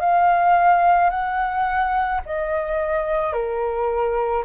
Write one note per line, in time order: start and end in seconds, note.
0.00 1.10 F5
1.10 2.21 F#5
2.25 3.32 D#5
3.32 4.43 A#4